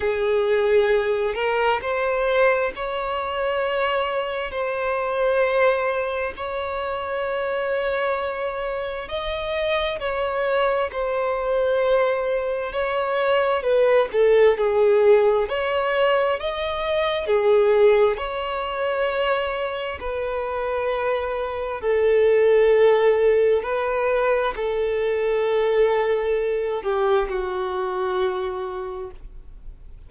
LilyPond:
\new Staff \with { instrumentName = "violin" } { \time 4/4 \tempo 4 = 66 gis'4. ais'8 c''4 cis''4~ | cis''4 c''2 cis''4~ | cis''2 dis''4 cis''4 | c''2 cis''4 b'8 a'8 |
gis'4 cis''4 dis''4 gis'4 | cis''2 b'2 | a'2 b'4 a'4~ | a'4. g'8 fis'2 | }